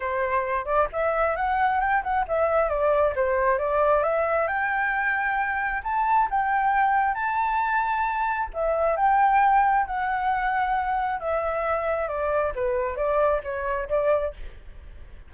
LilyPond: \new Staff \with { instrumentName = "flute" } { \time 4/4 \tempo 4 = 134 c''4. d''8 e''4 fis''4 | g''8 fis''8 e''4 d''4 c''4 | d''4 e''4 g''2~ | g''4 a''4 g''2 |
a''2. e''4 | g''2 fis''2~ | fis''4 e''2 d''4 | b'4 d''4 cis''4 d''4 | }